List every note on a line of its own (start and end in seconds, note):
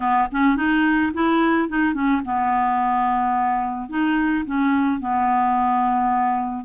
0.00 0.28 B3
0.31 0.56 C#4
0.56 1.12 D#4
1.13 1.68 E4
1.68 1.93 D#4
1.93 2.21 C#4
2.24 3.89 B3
3.89 4.44 D#4
4.45 5.00 C#4
5.00 6.64 B3